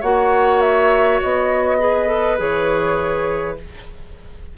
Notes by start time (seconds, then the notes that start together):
0.00 A#3 F#4 C#5 F#5
0.61 E5
1.22 B3 D#5
1.79 G#4 B4
2.07 A4
2.37 E3 G#4 C#5